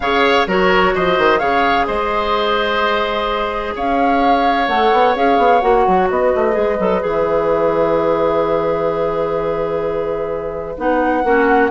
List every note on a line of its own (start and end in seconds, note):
0.00 0.43 C#3
0.00 0.48 G#4
0.00 0.47 C#5
0.00 0.47 F5
0.46 0.93 F#3
0.46 1.39 F#4
0.46 0.94 A#4
0.46 0.95 C#5
0.94 1.18 F3
0.94 1.39 C5
0.94 1.39 D#5
1.18 1.41 D#3
1.39 1.88 C#3
1.39 4.67 G#4
1.39 1.86 C#5
1.39 1.85 F5
1.86 3.75 G#3
1.86 3.74 C5
1.86 3.75 D#5
3.75 4.68 C#4
3.75 6.09 C#5
3.75 4.68 F5
4.68 4.91 A3
4.68 5.15 A4
4.68 5.15 F#5
4.92 5.15 B3
5.15 5.37 C#4
5.15 5.61 G#4
5.15 5.60 F5
5.37 5.61 B3
5.60 5.86 A#3
5.60 6.52 F#4
5.60 6.07 F#5
5.87 6.09 F#3
6.09 6.33 B3
6.09 11.24 B4
6.09 7.03 D#5
6.34 6.56 A3
6.52 6.79 G#3
6.52 6.75 G#4
6.79 7.02 F#3
6.79 7.00 A4
7.00 10.77 E3
7.00 10.75 G#4
7.00 10.78 E5
10.77 11.23 B3
10.77 11.24 D#4
10.77 11.71 F#5
11.23 11.70 A#3
11.23 11.71 C#4
11.23 11.71 F#4